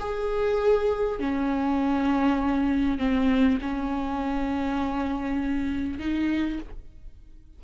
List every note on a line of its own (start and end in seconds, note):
0.00 1.20 G#4
1.20 2.99 C#4
2.99 3.59 C4
3.62 5.99 C#4
5.99 6.59 D#4